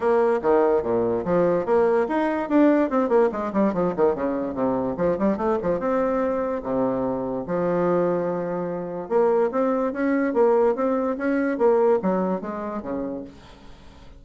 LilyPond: \new Staff \with { instrumentName = "bassoon" } { \time 4/4 \tempo 4 = 145 ais4 dis4 ais,4 f4 | ais4 dis'4 d'4 c'8 ais8 | gis8 g8 f8 dis8 cis4 c4 | f8 g8 a8 f8 c'2 |
c2 f2~ | f2 ais4 c'4 | cis'4 ais4 c'4 cis'4 | ais4 fis4 gis4 cis4 | }